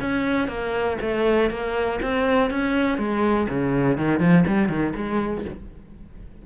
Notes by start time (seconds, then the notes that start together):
0.00 C#4
0.48 A#3
1.01 A3
1.50 A#3
2.02 C4
2.50 C#4
2.98 G#3
3.49 C#3
3.97 D#3
4.19 F3
4.47 G3
4.68 D#3
4.95 G#3